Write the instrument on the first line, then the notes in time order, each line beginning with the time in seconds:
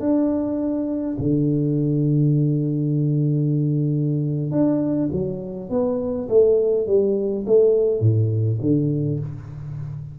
tuba
0.00 D4
1.18 D3
4.51 D4
5.12 F#3
5.70 B3
6.29 A3
6.87 G3
7.46 A3
8.00 A2
8.61 D3